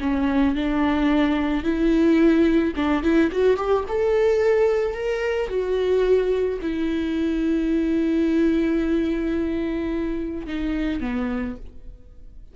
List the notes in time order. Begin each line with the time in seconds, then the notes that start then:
0.00 C#4
0.55 D4
1.64 E4
2.76 D4
3.03 E4
3.32 F#4
3.57 G4
3.89 A4
4.94 A#4
5.49 F#4
6.62 E4
10.47 D#4
11.00 B3